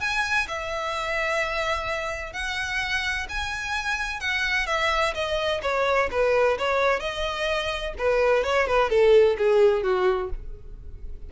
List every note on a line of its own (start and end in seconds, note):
0.00 0.47 G#5
0.48 2.33 E5
2.33 3.27 F#5
3.29 4.20 G#5
4.20 4.67 F#5
4.67 5.13 E5
5.14 5.61 D#5
5.62 6.09 C#5
6.11 6.58 B4
6.58 7.00 C#5
7.00 7.93 D#5
7.98 8.44 B4
8.44 8.67 C#5
8.67 8.90 B4
8.90 9.36 A4
9.38 9.83 G#4
9.83 10.30 F#4